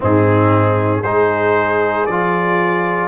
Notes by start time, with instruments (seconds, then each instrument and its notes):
0.00 tuba G#2, trombone C4, horn D#4, trumpet G#4
1.02 tuba G#3, trombone D#4, horn G#4, trumpet C5
2.06 tuba F3, trombone F4, trumpet D5